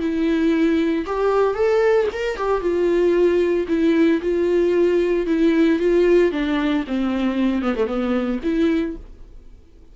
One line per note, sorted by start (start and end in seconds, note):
0.00 1.05 E4
1.06 1.54 G4
1.54 2.07 A4
2.13 2.37 A#4
2.37 2.61 G4
2.61 3.67 F4
3.68 4.21 E4
4.22 5.27 F4
5.27 5.79 E4
5.79 6.32 F4
6.32 6.84 D4
6.87 7.62 C4
7.62 7.75 B3
7.76 7.87 A3
7.87 8.39 B3
8.43 8.96 E4